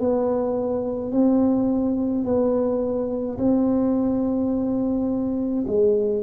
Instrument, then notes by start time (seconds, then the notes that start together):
tuba
0.00 B3
1.12 C4
2.25 B3
3.38 C4
5.67 G#3